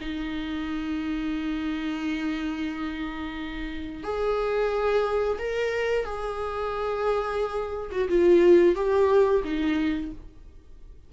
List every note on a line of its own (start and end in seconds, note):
0.00 4.03 D#4
4.03 5.38 G#4
5.38 6.05 A#4
6.05 7.90 G#4
7.91 8.08 F#4
8.08 8.75 F4
8.75 9.42 G4
9.44 10.11 D#4